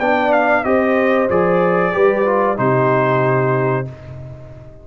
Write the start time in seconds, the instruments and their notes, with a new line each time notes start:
0.00 tuba B3, trombone D4, horn D5, trumpet G5
0.33 trumpet F5
0.64 tuba C4, trombone G4, horn C5, trumpet D#5
1.30 tuba F3, trombone G#4, trumpet D5
1.93 tuba G3, trombone G4, horn B4
2.26 trombone F4
2.57 tuba C3, trombone D#4, horn G4, trumpet C5